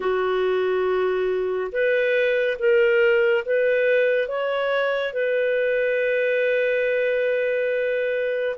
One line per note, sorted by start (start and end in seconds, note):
0.00 1.71 F#4
1.71 2.57 B4
2.58 3.44 A#4
3.45 4.28 B4
4.28 5.13 C#5
5.13 8.56 B4